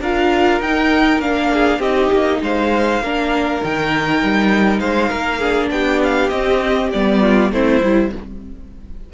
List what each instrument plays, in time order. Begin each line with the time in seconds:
0.00 cello D4, viola F4, violin A#4 F5
0.60 cello D#4, viola D#4, violin G5
1.19 cello A#3, viola D4, violin F5
1.53 violin G#4
1.79 cello C4, viola D#4, violin G4 D#5
2.12 cello A#3
2.41 cello G#3, violin C5 F5
3.01 cello A#3, viola D4, violin A#4
3.62 cello D#3, viola D#4, violin G5
4.22 cello G3
4.79 cello G#3, violin C5 F5
5.09 cello A#3, violin A#4
5.39 viola D4, violin G#4
5.71 cello B3, violin G4 G5
6.03 violin F5
6.29 cello C4, viola C4, violin D#5
6.92 cello G3, viola B3, violin D5
7.21 violin F4
7.51 cello A3, viola C4, violin E4 C5
7.80 cello G3, viola E4